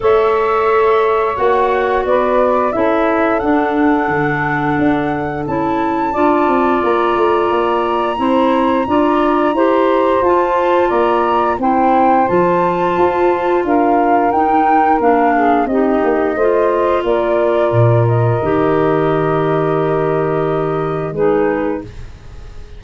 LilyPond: <<
  \new Staff \with { instrumentName = "flute" } { \time 4/4 \tempo 4 = 88 e''2 fis''4 d''4 | e''4 fis''2. | a''2 ais''2~ | ais''2. a''4 |
ais''4 g''4 a''2 | f''4 g''4 f''4 dis''4~ | dis''4 d''4. dis''4.~ | dis''2. b'4 | }
  \new Staff \with { instrumentName = "saxophone" } { \time 4/4 cis''2. b'4 | a'1~ | a'4 d''2. | c''4 d''4 c''2 |
d''4 c''2. | ais'2~ ais'8 gis'8 g'4 | c''4 ais'2.~ | ais'2. gis'4 | }
  \new Staff \with { instrumentName = "clarinet" } { \time 4/4 a'2 fis'2 | e'4 d'2. | e'4 f'2. | e'4 f'4 g'4 f'4~ |
f'4 e'4 f'2~ | f'4 dis'4 d'4 dis'4 | f'2. g'4~ | g'2. dis'4 | }
  \new Staff \with { instrumentName = "tuba" } { \time 4/4 a2 ais4 b4 | cis'4 d'4 d4 d'4 | cis'4 d'8 c'8 ais8 a8 ais4 | c'4 d'4 e'4 f'4 |
ais4 c'4 f4 f'4 | d'4 dis'4 ais4 c'8 ais8 | a4 ais4 ais,4 dis4~ | dis2. gis4 | }
>>